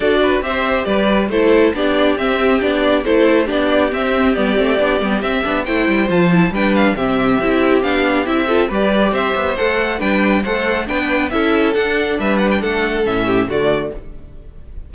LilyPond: <<
  \new Staff \with { instrumentName = "violin" } { \time 4/4 \tempo 4 = 138 d''4 e''4 d''4 c''4 | d''4 e''4 d''4 c''4 | d''4 e''4 d''2 | e''4 g''4 a''4 g''8 f''8 |
e''2 f''4 e''4 | d''4 e''4 fis''4 g''4 | fis''4 g''4 e''4 fis''4 | e''8 fis''16 g''16 fis''4 e''4 d''4 | }
  \new Staff \with { instrumentName = "violin" } { \time 4/4 a'8 b'8 c''4 b'4 a'4 | g'2. a'4 | g'1~ | g'4 c''2 b'4 |
g'2.~ g'8 a'8 | b'4 c''2 b'4 | c''4 b'4 a'2 | b'4 a'4. g'8 fis'4 | }
  \new Staff \with { instrumentName = "viola" } { \time 4/4 fis'4 g'2 e'4 | d'4 c'4 d'4 e'4 | d'4 c'4 b8 c'8 d'8 b8 | c'8 d'8 e'4 f'8 e'8 d'4 |
c'4 e'4 d'4 e'8 f'8 | g'2 a'4 d'4 | a'4 d'4 e'4 d'4~ | d'2 cis'4 a4 | }
  \new Staff \with { instrumentName = "cello" } { \time 4/4 d'4 c'4 g4 a4 | b4 c'4 b4 a4 | b4 c'4 g8 a8 b8 g8 | c'8 b8 a8 g8 f4 g4 |
c4 c'4 b4 c'4 | g4 c'8 b8 a4 g4 | a4 b4 cis'4 d'4 | g4 a4 a,4 d4 | }
>>